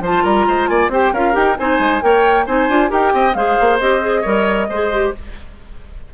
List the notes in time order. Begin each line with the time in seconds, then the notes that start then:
0.00 F3 F4 C5 A5
0.23 G3 A#4 A#5
0.47 G#3 C5
0.67 A#3 D5 G#5
0.88 C4 G4 C5 G5
1.13 C#4 F4 A#4 F5
1.32 D#4 G4 G5
1.57 C4 D#4 C5 G#5
1.79 G#3
2.01 A#3 A#4 C#5 G5
2.45 C4 D#4 C5 G#5
2.68 D4 F4
2.88 D#4 G4 A#4 G5
3.13 C4 D#5
3.34 G#3 G#4 C5 F5
3.60 A#3
3.79 C4 G4 D#5
4.01 G#4
4.21 G3 A#4 C#5
4.68 G#3 G#4 C5
4.91 G4